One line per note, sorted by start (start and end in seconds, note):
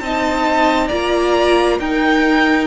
0.00 0.90 C4
0.00 0.91 D#4
0.00 0.87 D#5
0.00 0.88 A5
0.87 1.79 A#3
0.87 1.81 F4
0.87 1.77 D5
0.87 1.78 A#5
1.79 2.67 D#4
1.79 2.67 A#4
1.79 2.67 G5